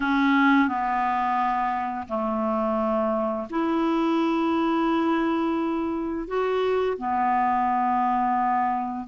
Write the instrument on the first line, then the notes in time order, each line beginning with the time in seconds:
clarinet
0.00 C#4
0.68 B3
2.08 A3
3.49 E4
6.27 F#4
6.97 B3